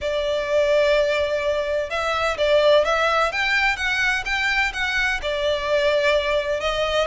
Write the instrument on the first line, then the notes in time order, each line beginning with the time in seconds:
violin
0.01 D5
1.90 E5
2.37 D5
2.85 E5
3.32 G5
3.76 F#5
4.25 G5
4.73 F#5
5.21 D5
6.60 D#5